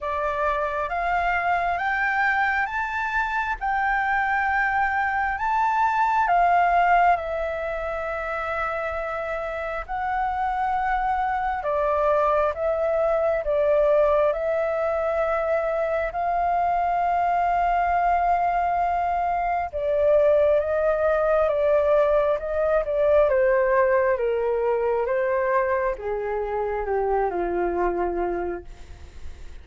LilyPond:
\new Staff \with { instrumentName = "flute" } { \time 4/4 \tempo 4 = 67 d''4 f''4 g''4 a''4 | g''2 a''4 f''4 | e''2. fis''4~ | fis''4 d''4 e''4 d''4 |
e''2 f''2~ | f''2 d''4 dis''4 | d''4 dis''8 d''8 c''4 ais'4 | c''4 gis'4 g'8 f'4. | }